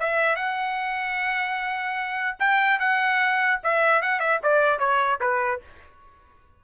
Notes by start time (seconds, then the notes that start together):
0.00 E5
0.36 F#5
2.40 G5
2.80 F#5
3.64 E5
4.02 F#5
4.20 E5
4.43 D5
4.80 C#5
5.21 B4